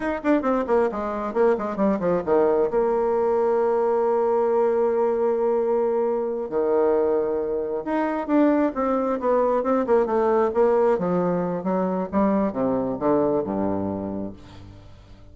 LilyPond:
\new Staff \with { instrumentName = "bassoon" } { \time 4/4 \tempo 4 = 134 dis'8 d'8 c'8 ais8 gis4 ais8 gis8 | g8 f8 dis4 ais2~ | ais1~ | ais2~ ais8 dis4.~ |
dis4. dis'4 d'4 c'8~ | c'8 b4 c'8 ais8 a4 ais8~ | ais8 f4. fis4 g4 | c4 d4 g,2 | }